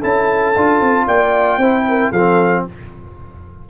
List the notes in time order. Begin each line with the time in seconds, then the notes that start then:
0.00 C#4 E4 A4 A5
0.56 D4 F4
0.81 C4
1.07 A#3 D5 G5
1.57 C4 E4 C5
1.88 A#4
2.12 F3 C4 A4 F5